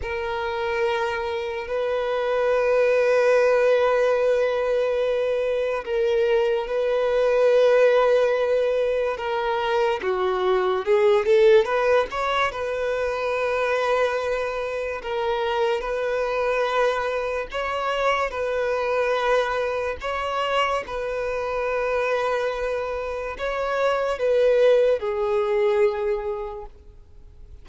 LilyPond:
\new Staff \with { instrumentName = "violin" } { \time 4/4 \tempo 4 = 72 ais'2 b'2~ | b'2. ais'4 | b'2. ais'4 | fis'4 gis'8 a'8 b'8 cis''8 b'4~ |
b'2 ais'4 b'4~ | b'4 cis''4 b'2 | cis''4 b'2. | cis''4 b'4 gis'2 | }